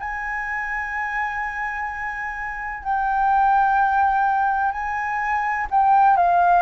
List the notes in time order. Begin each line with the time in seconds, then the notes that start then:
0.00 G#5
2.84 G5
4.72 G#5
5.71 G5
6.17 F5